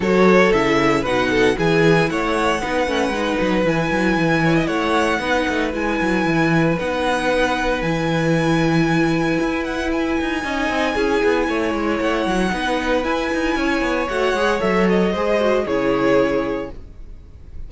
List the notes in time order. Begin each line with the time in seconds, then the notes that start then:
0.00 F#3 F#4 A4 C#5
0.52 C#3 E4 E5
1.01 B2 D#4 B4 F#5
1.29 A4
1.55 E3 E4 G#4 G#5
2.09 A3 C#5 F#5
2.61 B3 D#4 B4
2.86 A3 C#4
3.08 G#3 D#4
3.40 F#3
3.64 E3 E4 G#5
3.91 F#3
4.17 E3
4.44 C#5
4.55 D#5
4.66 A3 C#5 F#5
5.19 B3 D#4 B4
5.48 A3
5.72 G#3 E4 G#5
6.01 F#3
6.25 E3
6.78 B3 D#4 F#5
7.81 E3 E4 G#5
9.40 E4
9.63 F#5
9.92 G#5
10.20 D#4
10.42 C#4 D#4 D#5
10.69 C4
10.94 C#4 E4 G#4
11.23 B3
11.48 A3 C#5
11.74 G#3
12.00 A3 F#5
12.25 F#3
12.50 B3 D#4 B4
13.03 E4 G#5
13.33 D#4
13.55 C#4 C#5
13.81 B3
14.08 A3 F#4 F#5
14.33 G#3 G#4
14.59 F#3 A4 E5
14.89 D#5
15.12 G#3 G#4 C5
15.40 F#4
15.65 C#3 E4 G#4 C#5